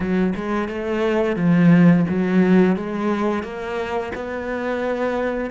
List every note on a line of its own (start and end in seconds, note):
0.00 0.33 F#3
0.35 0.68 G#3
0.68 1.36 A3
1.36 2.05 F3
2.08 2.76 F#3
2.76 3.43 G#3
3.43 4.12 A#3
4.14 5.50 B3